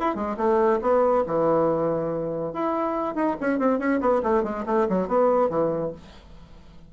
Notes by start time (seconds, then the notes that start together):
0.00 E4
0.15 G#3
0.37 A3
0.82 B3
1.27 E3
2.53 E4
3.15 D#4
3.41 C#4
3.59 C4
3.79 C#4
4.01 B3
4.23 A3
4.44 G#3
4.66 A3
4.89 F#3
5.08 B3
5.50 E3